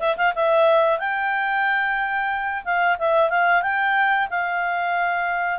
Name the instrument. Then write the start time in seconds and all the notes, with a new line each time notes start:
clarinet
0.00 E5
0.17 F5
0.35 E5
0.99 G5
2.65 F5
2.99 E5
3.30 F5
3.62 G5
4.30 F5